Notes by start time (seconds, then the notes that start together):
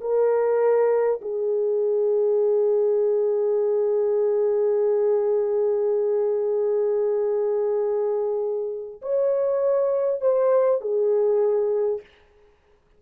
0.00 A#4
1.21 G#4
9.01 C#5
10.21 C5
10.81 G#4